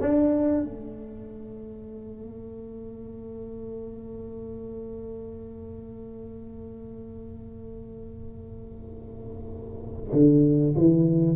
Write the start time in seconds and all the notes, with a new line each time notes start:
0.00 D4
0.63 A3
10.12 D3
10.76 E3